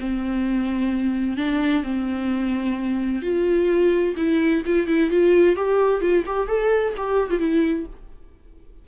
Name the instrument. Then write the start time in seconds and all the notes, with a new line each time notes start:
viola
0.00 C4
1.37 D4
1.84 C4
3.23 F4
4.17 E4
4.66 F4
4.88 E4
5.11 F4
5.56 G4
6.01 F4
6.27 G4
6.48 A4
6.97 G4
7.30 F4
7.40 E4